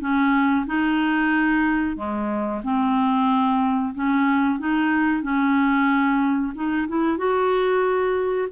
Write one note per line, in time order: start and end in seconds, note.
0.00 0.65 C#4
0.66 1.96 D#4
1.96 2.61 G#3
2.63 3.93 C4
3.94 4.59 C#4
4.59 5.22 D#4
5.22 6.52 C#4
6.54 6.87 D#4
6.88 7.17 E4
7.17 8.48 F#4